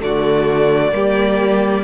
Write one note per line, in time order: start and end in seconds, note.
0.00 0.93 D3
0.00 0.91 A3
0.00 0.94 F#4
0.00 1.84 D5
0.92 1.84 G3
0.92 1.83 A#3
0.92 1.84 G4